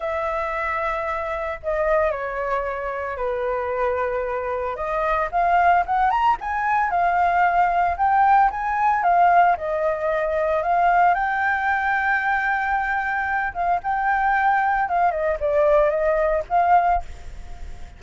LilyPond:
\new Staff \with { instrumentName = "flute" } { \time 4/4 \tempo 4 = 113 e''2. dis''4 | cis''2 b'2~ | b'4 dis''4 f''4 fis''8 ais''8 | gis''4 f''2 g''4 |
gis''4 f''4 dis''2 | f''4 g''2.~ | g''4. f''8 g''2 | f''8 dis''8 d''4 dis''4 f''4 | }